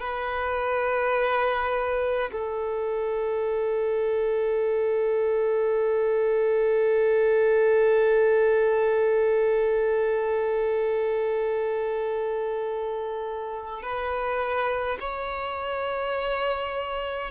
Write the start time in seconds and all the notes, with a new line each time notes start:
0.00 B4
2.32 A4
13.83 B4
15.00 C#5